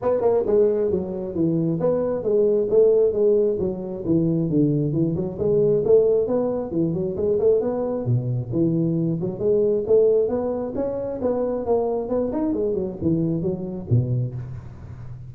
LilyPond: \new Staff \with { instrumentName = "tuba" } { \time 4/4 \tempo 4 = 134 b8 ais8 gis4 fis4 e4 | b4 gis4 a4 gis4 | fis4 e4 d4 e8 fis8 | gis4 a4 b4 e8 fis8 |
gis8 a8 b4 b,4 e4~ | e8 fis8 gis4 a4 b4 | cis'4 b4 ais4 b8 dis'8 | gis8 fis8 e4 fis4 b,4 | }